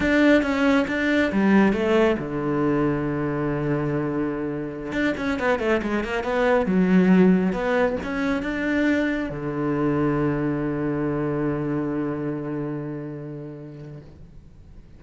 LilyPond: \new Staff \with { instrumentName = "cello" } { \time 4/4 \tempo 4 = 137 d'4 cis'4 d'4 g4 | a4 d2.~ | d2.~ d16 d'8 cis'16~ | cis'16 b8 a8 gis8 ais8 b4 fis8.~ |
fis4~ fis16 b4 cis'4 d'8.~ | d'4~ d'16 d2~ d8.~ | d1~ | d1 | }